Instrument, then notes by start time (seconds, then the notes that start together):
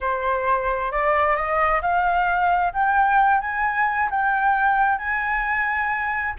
flute
0.00 C5
0.91 D5
1.36 D#5
1.81 F5
2.73 G5
3.40 G#5
4.10 G5
4.98 G#5